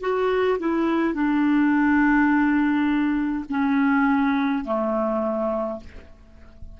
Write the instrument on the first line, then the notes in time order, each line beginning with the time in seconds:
clarinet
0.00 F#4
0.59 E4
1.14 D4
3.49 C#4
4.64 A3